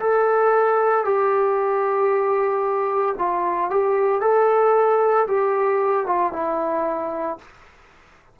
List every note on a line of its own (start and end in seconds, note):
0.00 1.05 A4
1.05 3.15 G4
3.18 3.70 F4
3.70 4.21 G4
4.21 5.26 A4
5.27 6.06 G4
6.06 6.33 F4
6.33 7.38 E4